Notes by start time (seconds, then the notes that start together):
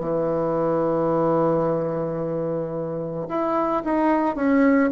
0.00 E3
3.28 E4
3.85 D#4
4.36 C#4